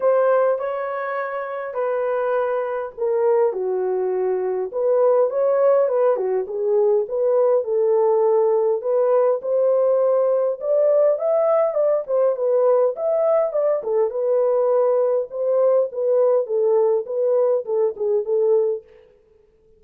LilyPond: \new Staff \with { instrumentName = "horn" } { \time 4/4 \tempo 4 = 102 c''4 cis''2 b'4~ | b'4 ais'4 fis'2 | b'4 cis''4 b'8 fis'8 gis'4 | b'4 a'2 b'4 |
c''2 d''4 e''4 | d''8 c''8 b'4 e''4 d''8 a'8 | b'2 c''4 b'4 | a'4 b'4 a'8 gis'8 a'4 | }